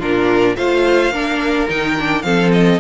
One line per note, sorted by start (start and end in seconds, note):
0.00 0.56 A#2
0.00 0.57 D4
0.00 0.56 F4
0.00 0.57 A#4
0.57 1.11 A3
0.57 1.13 F4
0.57 1.13 C5
0.57 1.69 F5
1.11 1.67 A#3
1.11 1.69 D4
1.11 2.25 A#4
1.69 2.24 D#3
1.69 1.97 D#4
1.69 2.23 G5
2.00 2.23 D4
2.23 2.80 F3
2.23 2.80 C4
2.23 2.80 A4
2.23 2.51 F5
2.53 2.80 D#5